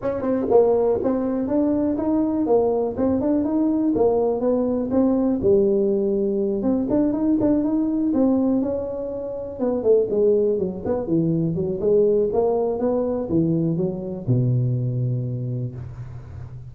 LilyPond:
\new Staff \with { instrumentName = "tuba" } { \time 4/4 \tempo 4 = 122 cis'8 c'8 ais4 c'4 d'4 | dis'4 ais4 c'8 d'8 dis'4 | ais4 b4 c'4 g4~ | g4. c'8 d'8 dis'8 d'8 dis'8~ |
dis'8 c'4 cis'2 b8 | a8 gis4 fis8 b8 e4 fis8 | gis4 ais4 b4 e4 | fis4 b,2. | }